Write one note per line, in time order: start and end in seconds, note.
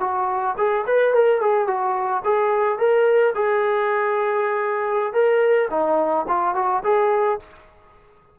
0.00 0.56 F#4
0.58 0.85 G#4
0.87 1.14 B4
1.14 1.41 A#4
1.41 1.67 G#4
1.67 2.23 F#4
2.24 2.78 G#4
2.78 3.34 A#4
3.35 5.13 G#4
5.13 5.69 A#4
5.70 6.26 D#4
6.28 6.55 F4
6.55 6.83 F#4
6.84 7.39 G#4